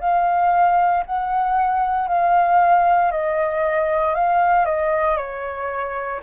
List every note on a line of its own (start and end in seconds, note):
0.00 1.03 F5
1.06 2.08 F#5
2.08 3.11 F5
3.12 4.15 D#5
4.15 4.65 F5
4.65 5.17 D#5
5.17 6.20 C#5